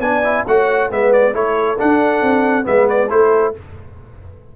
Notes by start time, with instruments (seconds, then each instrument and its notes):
0.00 tuba B3, trombone D4, horn D5, trumpet G#5
0.24 trombone E4
0.47 tuba A3, trombone F#4, horn C#5, trumpet F#5
0.90 tuba G#3, trombone B3, horn B4, trumpet E5
1.13 trumpet D5
1.33 tuba A3, trombone E4, horn A4, trumpet C#5
1.79 trombone D4, tuba D4, trumpet F#5
2.22 tuba C4
2.64 tuba G#3, trombone B3, horn B4, trumpet E5
2.89 trumpet D5
3.10 tuba A3, trombone E4, horn A4, trumpet C5